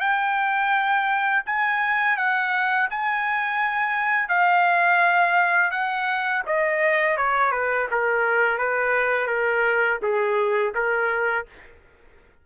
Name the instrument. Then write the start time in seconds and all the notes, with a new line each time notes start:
trumpet
0.00 G5
1.45 G#5
2.17 F#5
2.90 G#5
4.29 F5
5.71 F#5
6.46 D#5
7.17 C#5
7.51 B4
7.91 A#4
8.58 B4
9.27 A#4
10.02 G#4
10.74 A#4